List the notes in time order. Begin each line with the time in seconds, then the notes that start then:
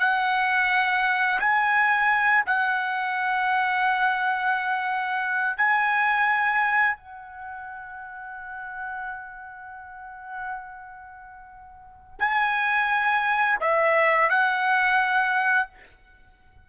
0.00 F#5
1.40 G#5
2.46 F#5
5.58 G#5
6.97 F#5
12.20 G#5
13.61 E5
14.30 F#5